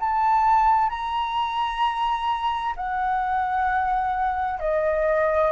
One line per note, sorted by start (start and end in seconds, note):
0.00 0.90 A5
0.90 2.74 A#5
2.77 4.60 F#5
4.60 5.52 D#5